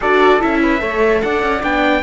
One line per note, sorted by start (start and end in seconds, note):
0.00 0.42 D4
0.00 0.40 F#4
0.00 0.61 A4
0.00 0.41 D5
0.40 0.81 C#4
0.40 0.78 E4
0.40 1.21 E5
0.61 0.81 B4
0.78 1.22 A3
0.78 1.59 A4
0.78 1.22 C#5
1.21 1.42 D4
1.21 2.02 D5
1.21 1.62 F#5
1.42 1.62 C#4
1.62 2.02 B3
1.62 2.02 D4
1.62 2.02 G5